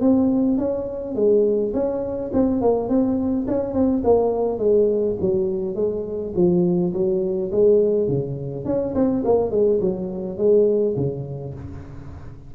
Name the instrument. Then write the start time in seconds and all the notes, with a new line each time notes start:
tuba
0.00 C4
0.57 C#4
1.15 G#3
1.73 C#4
2.33 C4
2.61 A#3
2.88 C4
3.47 C#4
3.73 C4
4.03 A#3
4.58 G#3
5.20 F#3
5.75 G#3
6.35 F3
6.93 F#3
7.51 G#3
8.08 C#3
8.65 C#4
8.94 C4
9.24 A#3
9.51 G#3
9.80 F#3
10.37 G#3
10.96 C#3